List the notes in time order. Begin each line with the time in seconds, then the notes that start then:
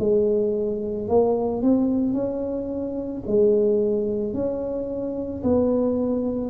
0.00 G#3
1.08 A#3
1.62 C4
2.14 C#4
3.27 G#3
4.34 C#4
5.44 B3